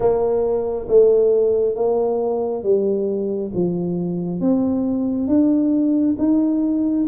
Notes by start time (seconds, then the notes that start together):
0.00 A#3
0.87 A3
1.75 A#3
2.63 G3
3.54 F3
4.40 C4
5.27 D4
6.18 D#4